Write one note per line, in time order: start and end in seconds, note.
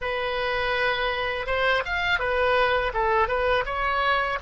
0.01 1.46 B4
1.46 1.83 C5
1.85 2.19 F5
2.19 2.92 B4
2.93 3.28 A4
3.28 3.64 B4
3.65 4.38 C#5